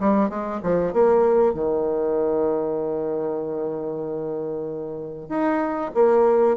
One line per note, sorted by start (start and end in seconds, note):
0.00 0.30 G3
0.30 0.61 G#3
0.63 0.93 F3
0.93 1.54 A#3
1.54 5.29 D#3
5.30 5.92 D#4
5.95 6.57 A#3